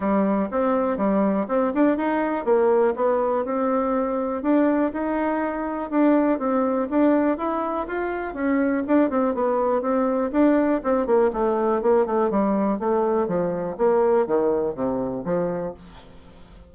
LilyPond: \new Staff \with { instrumentName = "bassoon" } { \time 4/4 \tempo 4 = 122 g4 c'4 g4 c'8 d'8 | dis'4 ais4 b4 c'4~ | c'4 d'4 dis'2 | d'4 c'4 d'4 e'4 |
f'4 cis'4 d'8 c'8 b4 | c'4 d'4 c'8 ais8 a4 | ais8 a8 g4 a4 f4 | ais4 dis4 c4 f4 | }